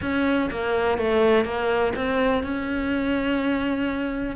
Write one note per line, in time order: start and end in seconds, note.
0.01 0.49 C#4
0.50 0.98 A#3
0.98 1.45 A3
1.45 1.93 A#3
1.95 2.43 C4
2.43 4.36 C#4